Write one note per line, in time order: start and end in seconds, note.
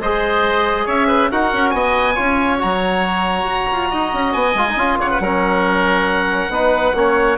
0.00 0.87 G#3
0.00 1.32 G#4
0.00 0.86 C5
0.00 0.88 D#5
0.86 1.31 C#4
0.86 1.08 C#5
0.86 1.32 E5
1.08 1.30 B4
1.32 1.53 D#4
1.32 2.16 F#4
1.32 1.75 A#4
1.32 1.70 F#5
1.53 1.74 C#4
1.70 2.17 B3
1.70 2.15 D#5
1.70 2.57 G#5
2.15 2.63 C#4
2.15 2.59 F4
2.15 3.89 C#5
2.59 3.44 F#3
2.59 4.54 F#4
2.59 4.33 A#5
3.44 3.66 F#4
3.72 3.93 F4
3.91 4.14 D#4
3.91 5.00 D#5
4.14 4.35 C#4
4.33 4.55 B3
4.33 4.99 G#5
4.55 4.76 G#3
4.55 4.68 F4
4.70 4.79 D#4
4.76 4.98 C#4
4.76 5.22 F4
4.99 5.20 C#3
4.99 5.11 C#5
4.99 7.39 F#5
5.11 5.22 B4
5.20 6.49 F#3
5.20 6.51 C#4
5.20 6.53 A#4
6.49 6.93 B3
6.49 6.95 D#4
6.49 6.97 B4
6.95 7.39 A#3
6.95 7.39 C#4
6.95 7.39 C#5